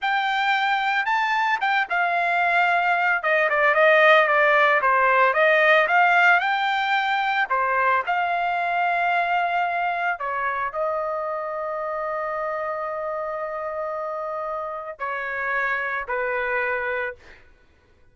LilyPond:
\new Staff \with { instrumentName = "trumpet" } { \time 4/4 \tempo 4 = 112 g''2 a''4 g''8 f''8~ | f''2 dis''8 d''8 dis''4 | d''4 c''4 dis''4 f''4 | g''2 c''4 f''4~ |
f''2. cis''4 | dis''1~ | dis''1 | cis''2 b'2 | }